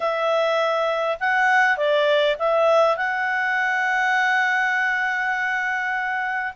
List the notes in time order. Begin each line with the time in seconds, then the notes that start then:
0.00 E5
1.20 F#5
1.77 D5
2.38 E5
2.96 F#5